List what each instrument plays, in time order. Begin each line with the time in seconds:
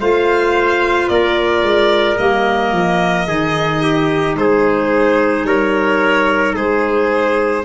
0.00 tuba A3, clarinet F4, trumpet C5, violin F5
1.09 tuba A#3, trumpet A#4, violin D5
1.62 tuba G#3
2.18 tuba G3, clarinet A#3, violin D#5
2.72 tuba F3
3.27 tuba D#3, clarinet D#4, trumpet G#4
3.83 trumpet G4
4.36 tuba G#3, trumpet G#4, violin C5
5.45 tuba G3, trumpet A#4, violin C#5
6.55 tuba G#3, trumpet G#4, violin C5